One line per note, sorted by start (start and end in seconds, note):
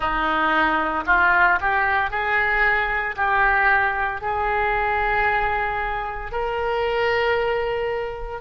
0.00 1.03 D#4
1.06 1.59 F4
1.60 2.10 G4
2.10 3.15 G#4
3.16 4.21 G4
4.21 6.31 G#4
6.32 8.41 A#4